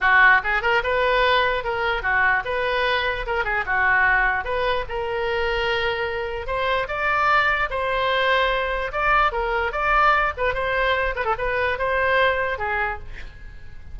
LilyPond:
\new Staff \with { instrumentName = "oboe" } { \time 4/4 \tempo 4 = 148 fis'4 gis'8 ais'8 b'2 | ais'4 fis'4 b'2 | ais'8 gis'8 fis'2 b'4 | ais'1 |
c''4 d''2 c''4~ | c''2 d''4 ais'4 | d''4. b'8 c''4. b'16 a'16 | b'4 c''2 gis'4 | }